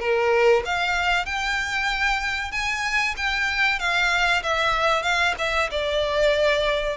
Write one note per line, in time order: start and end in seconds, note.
0.00 0.63 A#4
0.66 1.26 F5
1.26 2.52 G5
2.52 3.16 G#5
3.18 3.80 G5
3.80 4.43 F5
4.43 5.04 E5
5.04 5.35 F5
5.39 5.70 E5
5.71 6.97 D5